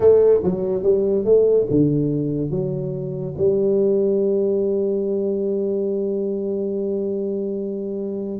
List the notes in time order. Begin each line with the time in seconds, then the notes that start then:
0.00 A3
0.43 F#3
0.82 G3
1.25 A3
1.70 D3
2.50 F#3
3.37 G3